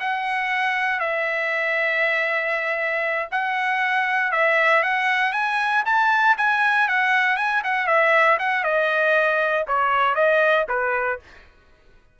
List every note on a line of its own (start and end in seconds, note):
0.00 1.00 F#5
1.00 3.29 E5
3.32 4.32 F#5
4.32 4.83 E5
4.83 5.33 F#5
5.33 5.84 G#5
5.86 6.37 A5
6.38 6.89 G#5
6.89 7.37 F#5
7.37 7.62 G#5
7.64 7.87 F#5
7.87 8.38 E5
8.39 8.64 F#5
8.64 9.66 D#5
9.68 10.16 C#5
10.16 10.66 D#5
10.69 11.20 B4